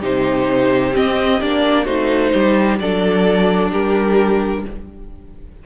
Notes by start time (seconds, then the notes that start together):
0.00 C3 D#4 G4 C5
0.91 C4 D#5
1.41 A#3 D4 D5
1.84 A3 D#4 F#4 C5
2.33 G3 G4
2.79 F#3 D4 A4 D5
3.71 G3 G4 A#4